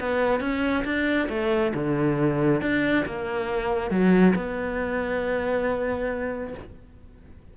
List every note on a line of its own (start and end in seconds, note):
0.00 0.40 B3
0.40 0.84 C#4
0.85 1.28 D4
1.29 1.73 A3
1.74 2.62 D3
2.62 3.05 D4
3.06 3.91 A#3
3.91 4.34 F#3
4.35 6.54 B3